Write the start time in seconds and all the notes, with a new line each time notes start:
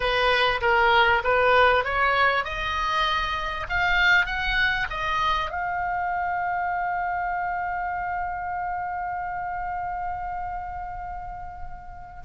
0.00 B4
0.61 A#4
1.24 B4
1.84 C#5
2.44 D#5
3.69 F5
4.26 F#5
4.90 D#5
5.50 F5